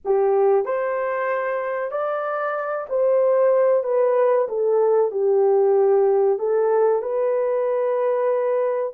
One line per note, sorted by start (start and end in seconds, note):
0.04 0.65 G4
0.65 1.91 C5
1.91 2.86 D5
2.89 3.83 C5
3.83 4.47 B4
4.48 5.11 A4
5.11 6.38 G4
6.39 7.02 A4
7.02 8.93 B4